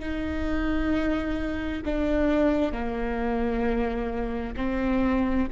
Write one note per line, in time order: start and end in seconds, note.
0.00 1.82 D#4
1.86 2.73 D4
2.73 4.55 A#3
4.57 5.48 C4